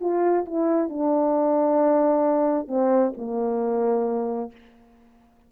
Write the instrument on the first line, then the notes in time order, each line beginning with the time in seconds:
horn
0.00 F4
0.45 E4
0.89 D4
2.67 C4
3.17 A#3